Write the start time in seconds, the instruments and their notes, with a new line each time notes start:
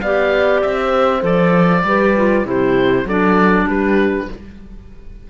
0.00 cello B3, clarinet G4, horn D5, oboe F5
0.61 cello C4, oboe E5
0.81 horn C5
1.20 cello F3, clarinet A4, oboe D5
1.84 cello G3, clarinet G4, horn B4
2.16 clarinet F4
2.44 cello C3, clarinet E4, horn G4, oboe C5
3.04 cello F#3, clarinet D4, horn A4, oboe D5
3.67 cello G3, horn G4, oboe B4